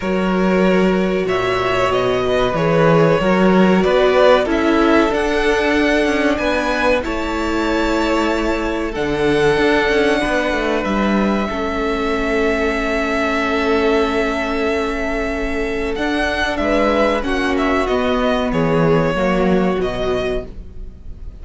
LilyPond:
<<
  \new Staff \with { instrumentName = "violin" } { \time 4/4 \tempo 4 = 94 cis''2 e''4 dis''4 | cis''2 d''4 e''4 | fis''2 gis''4 a''4~ | a''2 fis''2~ |
fis''4 e''2.~ | e''1~ | e''4 fis''4 e''4 fis''8 e''8 | dis''4 cis''2 dis''4 | }
  \new Staff \with { instrumentName = "violin" } { \time 4/4 ais'2 cis''4. b'8~ | b'4 ais'4 b'4 a'4~ | a'2 b'4 cis''4~ | cis''2 a'2 |
b'2 a'2~ | a'1~ | a'2 b'4 fis'4~ | fis'4 gis'4 fis'2 | }
  \new Staff \with { instrumentName = "viola" } { \time 4/4 fis'1 | gis'4 fis'2 e'4 | d'2. e'4~ | e'2 d'2~ |
d'2 cis'2~ | cis'1~ | cis'4 d'2 cis'4 | b2 ais4 fis4 | }
  \new Staff \with { instrumentName = "cello" } { \time 4/4 fis2 ais,4 b,4 | e4 fis4 b4 cis'4 | d'4. cis'8 b4 a4~ | a2 d4 d'8 cis'8 |
b8 a8 g4 a2~ | a1~ | a4 d'4 gis4 ais4 | b4 e4 fis4 b,4 | }
>>